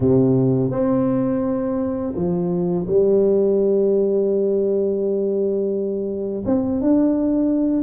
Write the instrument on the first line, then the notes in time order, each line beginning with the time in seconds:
tuba
0.00 C3
0.70 C4
2.15 F3
2.86 G3
6.45 C4
6.81 D4